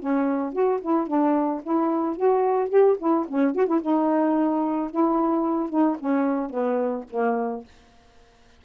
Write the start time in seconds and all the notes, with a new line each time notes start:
0.00 C#4
0.53 F#4
0.82 E4
1.07 D4
1.63 E4
2.17 F#4
2.70 G4
2.99 E4
3.28 C#4
3.56 F#4
3.67 E4
3.82 D#4
4.91 E4
5.70 D#4
6.00 C#4
6.50 B3
7.10 A#3